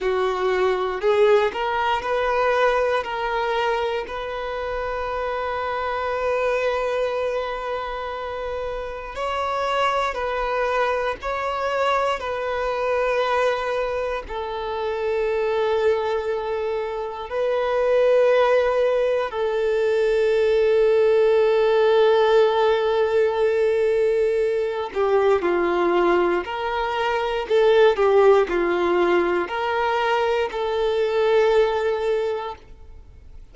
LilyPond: \new Staff \with { instrumentName = "violin" } { \time 4/4 \tempo 4 = 59 fis'4 gis'8 ais'8 b'4 ais'4 | b'1~ | b'4 cis''4 b'4 cis''4 | b'2 a'2~ |
a'4 b'2 a'4~ | a'1~ | a'8 g'8 f'4 ais'4 a'8 g'8 | f'4 ais'4 a'2 | }